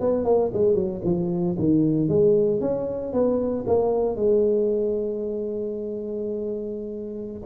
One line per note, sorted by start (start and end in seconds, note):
0.00 0.24 B3
0.24 0.51 A#3
0.53 0.74 G#3
0.74 1.01 F#3
1.04 1.56 F3
1.58 2.08 D#3
2.08 2.60 G#3
2.60 3.13 C#4
3.13 3.65 B3
3.67 4.16 A#3
4.16 7.42 G#3